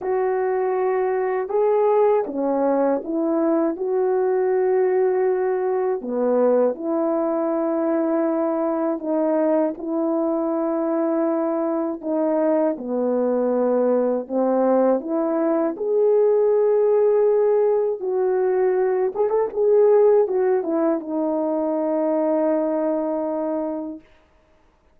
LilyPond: \new Staff \with { instrumentName = "horn" } { \time 4/4 \tempo 4 = 80 fis'2 gis'4 cis'4 | e'4 fis'2. | b4 e'2. | dis'4 e'2. |
dis'4 b2 c'4 | e'4 gis'2. | fis'4. gis'16 a'16 gis'4 fis'8 e'8 | dis'1 | }